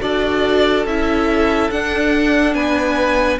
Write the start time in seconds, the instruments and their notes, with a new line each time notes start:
0.00 cello D4, viola F#4, violin A4 D5
0.85 cello C#4, viola E4, violin E5
1.70 cello D4, viola D4, violin F#5
2.54 cello B3, violin B4 G#5